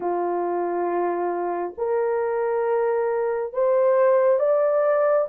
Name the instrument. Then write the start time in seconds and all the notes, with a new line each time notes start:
horn
0.00 F4
1.77 A#4
3.53 C5
4.39 D5